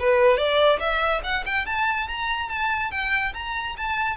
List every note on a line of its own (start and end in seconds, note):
0.00 0.38 B4
0.38 0.80 D5
0.80 1.22 E5
1.24 1.45 F#5
1.46 1.67 G5
1.67 2.08 A5
2.08 2.50 A#5
2.50 2.92 A5
2.92 3.34 G5
3.35 3.76 A#5
3.78 4.17 A5